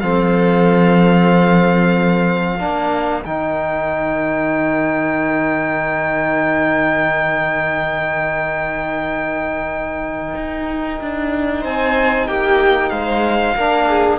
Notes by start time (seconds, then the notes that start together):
0.00 F3 C4 A4 F5
2.58 A#3 D4 A#4
3.25 D#3 D#4 G5
10.36 D#4
11.01 D4
11.61 C4 C5 G#5
12.27 A#3 G4 G5
12.89 G#3 C5 F5
13.56 A#3 D4 A#4
13.87 G#4